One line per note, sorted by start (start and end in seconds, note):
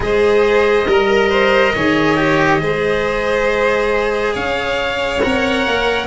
0.00 0.86 G#3
0.00 0.85 G#4
0.00 0.87 C5
0.00 4.35 D#5
0.86 1.73 G3
0.86 1.28 A#4
0.86 1.75 A#4
1.28 1.72 C5
1.74 2.61 D#3
1.74 2.16 G#4
1.74 2.61 C#5
2.16 2.58 G4
2.58 4.34 G#3
2.58 5.19 G#4
2.58 4.33 C5
4.33 5.22 C#4
4.33 6.07 C#5
4.33 5.22 F5
5.22 5.66 C4
5.22 6.07 A#4
5.22 6.07 F#5
5.66 6.07 A#3